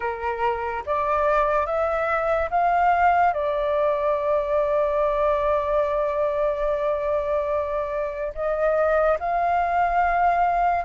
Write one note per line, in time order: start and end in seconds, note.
0.00 0.83 A#4
0.86 1.66 D5
1.66 2.49 E5
2.50 3.33 F5
3.33 8.33 D5
8.34 9.18 D#5
9.19 10.84 F5